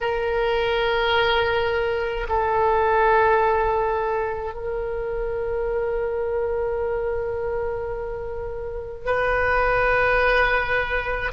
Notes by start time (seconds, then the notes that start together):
0.00 A#4
2.28 A4
4.53 A#4
9.05 B4